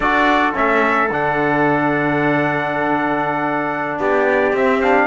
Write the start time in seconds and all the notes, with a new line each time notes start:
0.00 D4 F#4 A4 D5
0.54 A3 C#4 E5
1.10 D3 D4 F#5
3.98 B3 G4 D5
4.52 C4 E5
4.81 D4 F5